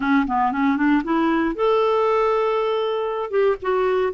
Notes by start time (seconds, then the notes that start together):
0.00 C#4
0.27 B3
0.52 C#4
0.76 D4
1.03 E4
1.55 A4
3.30 G4
3.62 F#4